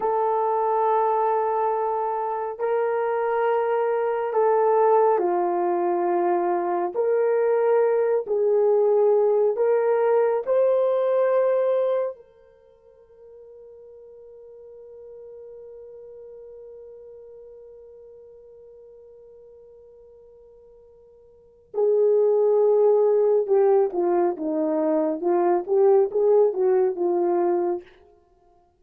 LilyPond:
\new Staff \with { instrumentName = "horn" } { \time 4/4 \tempo 4 = 69 a'2. ais'4~ | ais'4 a'4 f'2 | ais'4. gis'4. ais'4 | c''2 ais'2~ |
ais'1~ | ais'1~ | ais'4 gis'2 g'8 f'8 | dis'4 f'8 g'8 gis'8 fis'8 f'4 | }